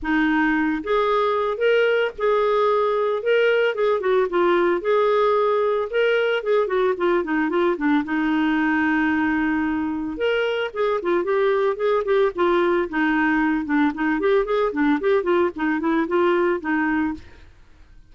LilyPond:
\new Staff \with { instrumentName = "clarinet" } { \time 4/4 \tempo 4 = 112 dis'4. gis'4. ais'4 | gis'2 ais'4 gis'8 fis'8 | f'4 gis'2 ais'4 | gis'8 fis'8 f'8 dis'8 f'8 d'8 dis'4~ |
dis'2. ais'4 | gis'8 f'8 g'4 gis'8 g'8 f'4 | dis'4. d'8 dis'8 g'8 gis'8 d'8 | g'8 f'8 dis'8 e'8 f'4 dis'4 | }